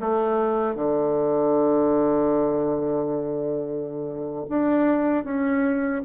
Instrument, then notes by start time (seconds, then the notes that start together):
bassoon
0.00 A3
0.75 D3
4.49 D4
5.24 C#4